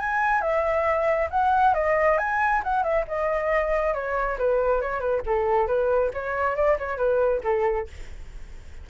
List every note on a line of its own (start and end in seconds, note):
0.00 0.41 G#5
0.41 1.29 E5
1.31 1.74 F#5
1.74 2.18 D#5
2.18 2.62 G#5
2.64 2.83 F#5
2.83 3.05 E5
3.08 3.94 D#5
3.94 4.38 C#5
4.39 4.82 B4
4.82 5.00 C#5
5.00 5.22 B4
5.26 5.67 A4
5.67 6.11 B4
6.14 6.56 C#5
6.56 6.78 D5
6.79 6.98 C#5
6.98 7.41 B4
7.44 7.88 A4